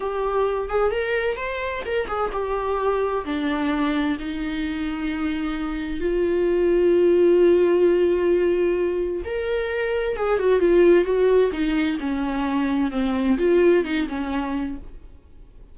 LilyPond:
\new Staff \with { instrumentName = "viola" } { \time 4/4 \tempo 4 = 130 g'4. gis'8 ais'4 c''4 | ais'8 gis'8 g'2 d'4~ | d'4 dis'2.~ | dis'4 f'2.~ |
f'1 | ais'2 gis'8 fis'8 f'4 | fis'4 dis'4 cis'2 | c'4 f'4 dis'8 cis'4. | }